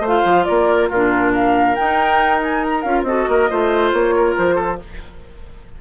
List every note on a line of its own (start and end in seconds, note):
0.00 0.22 A3
0.00 0.45 C5
0.07 0.94 F4
0.07 0.45 F5
0.25 0.46 F3
0.45 0.91 A#3
0.45 0.90 A#4
0.45 0.88 D5
0.90 1.77 A#2
0.90 1.78 D4
0.90 1.33 F4
0.90 1.33 A#4
1.33 3.05 A#4
1.33 1.76 F5
1.76 2.85 D#4
1.76 2.41 G5
2.43 2.64 G#5
2.64 2.82 A#5
2.82 3.03 C#4
2.82 3.07 F4
2.82 3.04 F5
3.03 3.25 C4
3.03 3.50 F#4
3.03 3.30 A4
3.03 3.91 D#5
3.29 3.50 A#3
3.29 3.50 A#4
3.50 3.93 A3
3.50 4.79 F4
3.50 4.15 C5
3.93 4.36 A#3
3.93 4.36 C#5
4.17 4.55 A#4
4.37 4.81 F3
4.37 4.80 C5
4.55 4.77 A4